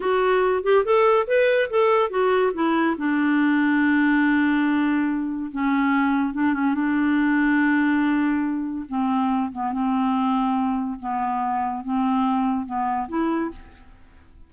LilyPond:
\new Staff \with { instrumentName = "clarinet" } { \time 4/4 \tempo 4 = 142 fis'4. g'8 a'4 b'4 | a'4 fis'4 e'4 d'4~ | d'1~ | d'4 cis'2 d'8 cis'8 |
d'1~ | d'4 c'4. b8 c'4~ | c'2 b2 | c'2 b4 e'4 | }